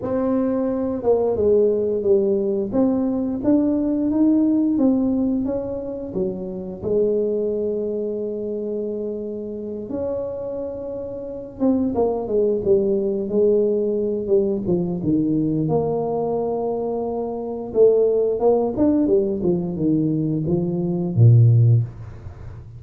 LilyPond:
\new Staff \with { instrumentName = "tuba" } { \time 4/4 \tempo 4 = 88 c'4. ais8 gis4 g4 | c'4 d'4 dis'4 c'4 | cis'4 fis4 gis2~ | gis2~ gis8 cis'4.~ |
cis'4 c'8 ais8 gis8 g4 gis8~ | gis4 g8 f8 dis4 ais4~ | ais2 a4 ais8 d'8 | g8 f8 dis4 f4 ais,4 | }